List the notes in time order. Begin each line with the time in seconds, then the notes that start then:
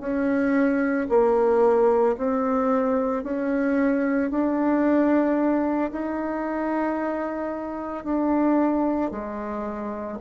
0.00 C#4
1.09 A#3
2.17 C4
3.23 C#4
4.30 D4
5.92 D#4
8.04 D4
9.11 G#3